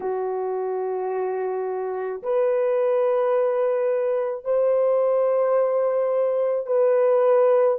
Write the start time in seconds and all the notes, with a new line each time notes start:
0.00 F#4
2.22 B4
4.44 C5
6.66 B4